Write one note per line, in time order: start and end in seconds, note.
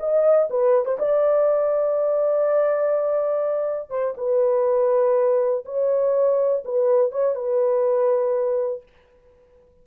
0.00 0.49 D#5
0.51 0.86 B4
0.86 0.98 C5
0.99 3.90 D5
3.90 4.15 C5
4.18 5.65 B4
5.66 6.64 C#5
6.65 7.12 B4
7.12 7.36 C#5
7.36 8.83 B4